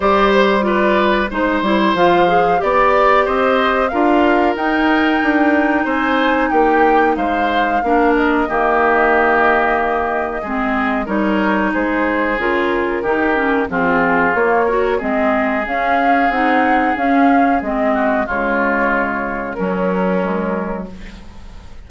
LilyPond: <<
  \new Staff \with { instrumentName = "flute" } { \time 4/4 \tempo 4 = 92 d''8 c''8 d''4 c''4 f''4 | d''4 dis''4 f''4 g''4~ | g''4 gis''4 g''4 f''4~ | f''8 dis''2.~ dis''8~ |
dis''4 cis''4 c''4 ais'4~ | ais'4 gis'4 cis''4 dis''4 | f''4 fis''4 f''4 dis''4 | cis''2 ais'2 | }
  \new Staff \with { instrumentName = "oboe" } { \time 4/4 c''4 b'4 c''2 | d''4 c''4 ais'2~ | ais'4 c''4 g'4 c''4 | ais'4 g'2. |
gis'4 ais'4 gis'2 | g'4 f'4. ais'8 gis'4~ | gis'2.~ gis'8 fis'8 | f'2 cis'2 | }
  \new Staff \with { instrumentName = "clarinet" } { \time 4/4 g'4 f'4 dis'8 e'8 f'8 gis'8 | g'2 f'4 dis'4~ | dis'1 | d'4 ais2. |
c'4 dis'2 f'4 | dis'8 cis'8 c'4 ais8 fis'8 c'4 | cis'4 dis'4 cis'4 c'4 | gis2 fis4 gis4 | }
  \new Staff \with { instrumentName = "bassoon" } { \time 4/4 g2 gis8 g8 f4 | b4 c'4 d'4 dis'4 | d'4 c'4 ais4 gis4 | ais4 dis2. |
gis4 g4 gis4 cis4 | dis4 f4 ais4 gis4 | cis'4 c'4 cis'4 gis4 | cis2 fis2 | }
>>